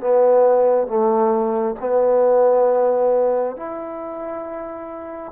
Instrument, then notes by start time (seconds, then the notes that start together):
trombone
0.00 B3
0.87 A3
1.80 B3
3.57 E4